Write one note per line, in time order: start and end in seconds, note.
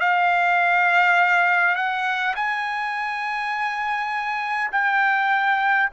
0.00 1.75 F5
1.75 2.34 F#5
2.35 4.71 G#5
4.72 5.89 G5